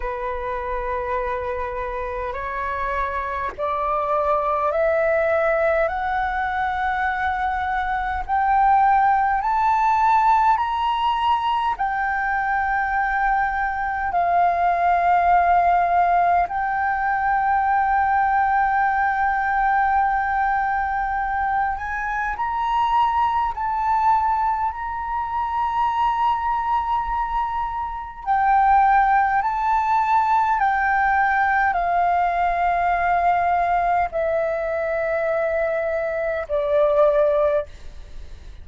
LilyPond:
\new Staff \with { instrumentName = "flute" } { \time 4/4 \tempo 4 = 51 b'2 cis''4 d''4 | e''4 fis''2 g''4 | a''4 ais''4 g''2 | f''2 g''2~ |
g''2~ g''8 gis''8 ais''4 | a''4 ais''2. | g''4 a''4 g''4 f''4~ | f''4 e''2 d''4 | }